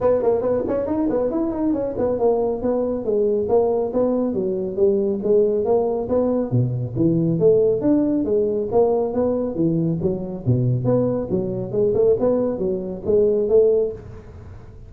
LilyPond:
\new Staff \with { instrumentName = "tuba" } { \time 4/4 \tempo 4 = 138 b8 ais8 b8 cis'8 dis'8 b8 e'8 dis'8 | cis'8 b8 ais4 b4 gis4 | ais4 b4 fis4 g4 | gis4 ais4 b4 b,4 |
e4 a4 d'4 gis4 | ais4 b4 e4 fis4 | b,4 b4 fis4 gis8 a8 | b4 fis4 gis4 a4 | }